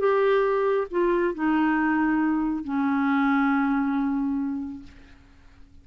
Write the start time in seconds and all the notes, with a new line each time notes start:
0.00 G4
0.91 F4
1.35 D#4
2.64 C#4